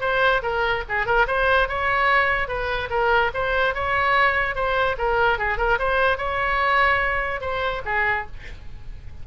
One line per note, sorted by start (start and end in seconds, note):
0.00 0.41 C5
0.42 0.83 A#4
0.88 1.06 G#4
1.06 1.26 A#4
1.27 1.68 C5
1.68 2.48 C#5
2.48 2.89 B4
2.90 3.31 A#4
3.34 3.74 C5
3.74 4.55 C#5
4.55 4.96 C5
4.98 5.38 A#4
5.38 5.57 G#4
5.57 5.78 A#4
5.78 6.17 C5
6.17 7.40 C#5
7.40 7.81 C5
7.85 8.26 G#4